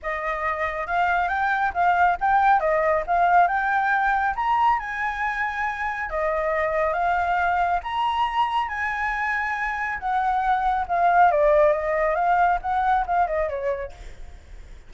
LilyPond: \new Staff \with { instrumentName = "flute" } { \time 4/4 \tempo 4 = 138 dis''2 f''4 g''4 | f''4 g''4 dis''4 f''4 | g''2 ais''4 gis''4~ | gis''2 dis''2 |
f''2 ais''2 | gis''2. fis''4~ | fis''4 f''4 d''4 dis''4 | f''4 fis''4 f''8 dis''8 cis''4 | }